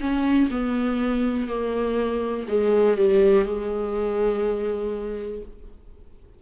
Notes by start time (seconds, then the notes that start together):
0.00 C#4
0.50 B3
1.48 A#3
2.48 G#3
2.97 G3
3.45 G#3